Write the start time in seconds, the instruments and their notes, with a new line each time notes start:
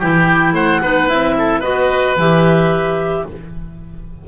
0.00 double bass E3, clarinet E4 G5, oboe G4
0.53 double bass A3, oboe C5, clarinet F#5
0.82 double bass B3, clarinet D#4, oboe B4
1.09 double bass C4, clarinet E4 E5
1.38 oboe A4
1.60 double bass B3, clarinet F#4 D#5, oboe B4
2.17 double bass E3, clarinet G4 E5